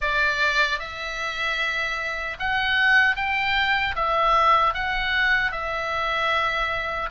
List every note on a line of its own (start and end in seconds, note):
0.01 0.79 D5
0.79 2.37 E5
2.39 3.16 F#5
3.16 3.95 G5
3.95 4.74 E5
4.74 5.51 F#5
5.51 7.09 E5